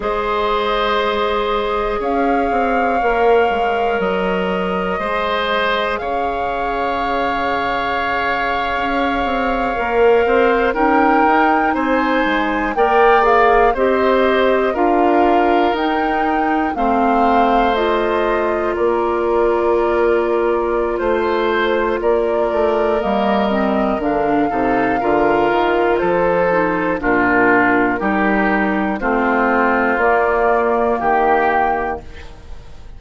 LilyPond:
<<
  \new Staff \with { instrumentName = "flute" } { \time 4/4 \tempo 4 = 60 dis''2 f''2 | dis''2 f''2~ | f''2~ f''8. g''4 gis''16~ | gis''8. g''8 f''8 dis''4 f''4 g''16~ |
g''8. f''4 dis''4 d''4~ d''16~ | d''4 c''4 d''4 dis''4 | f''2 c''4 ais'4~ | ais'4 c''4 d''4 g''4 | }
  \new Staff \with { instrumentName = "oboe" } { \time 4/4 c''2 cis''2~ | cis''4 c''4 cis''2~ | cis''2~ cis''16 c''8 ais'4 c''16~ | c''8. d''4 c''4 ais'4~ ais'16~ |
ais'8. c''2 ais'4~ ais'16~ | ais'4 c''4 ais'2~ | ais'8 a'8 ais'4 a'4 f'4 | g'4 f'2 g'4 | }
  \new Staff \with { instrumentName = "clarinet" } { \time 4/4 gis'2. ais'4~ | ais'4 gis'2.~ | gis'4.~ gis'16 ais'4 dis'4~ dis'16~ | dis'8. ais'8 gis'8 g'4 f'4 dis'16~ |
dis'8. c'4 f'2~ f'16~ | f'2. ais8 c'8 | d'8 dis'8 f'4. dis'8 d'4 | dis'4 c'4 ais2 | }
  \new Staff \with { instrumentName = "bassoon" } { \time 4/4 gis2 cis'8 c'8 ais8 gis8 | fis4 gis4 cis2~ | cis8. cis'8 c'8 ais8 c'8 cis'8 dis'8 c'16~ | c'16 gis8 ais4 c'4 d'4 dis'16~ |
dis'8. a2 ais4~ ais16~ | ais4 a4 ais8 a8 g4 | d8 c8 d8 dis8 f4 ais,4 | g4 a4 ais4 dis4 | }
>>